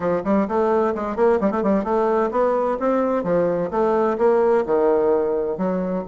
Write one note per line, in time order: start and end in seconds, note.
0.00 0.22 F3
0.24 0.47 G3
0.48 0.94 A3
0.94 1.16 G#3
1.16 1.39 A#3
1.40 1.51 G3
1.51 1.62 A3
1.62 1.84 G3
1.84 2.30 A3
2.31 2.77 B3
2.79 3.23 C4
3.23 3.70 F3
3.70 4.17 A3
4.17 4.64 A#3
4.66 5.57 D#3
5.57 6.04 F#3